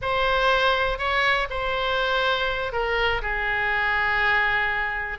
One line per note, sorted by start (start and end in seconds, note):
0.01 0.98 C5
0.98 1.47 C#5
1.50 2.72 C5
2.72 3.21 A#4
3.21 5.18 G#4